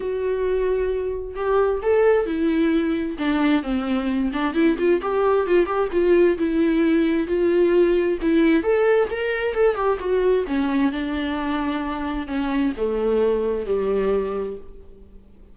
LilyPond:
\new Staff \with { instrumentName = "viola" } { \time 4/4 \tempo 4 = 132 fis'2. g'4 | a'4 e'2 d'4 | c'4. d'8 e'8 f'8 g'4 | f'8 g'8 f'4 e'2 |
f'2 e'4 a'4 | ais'4 a'8 g'8 fis'4 cis'4 | d'2. cis'4 | a2 g2 | }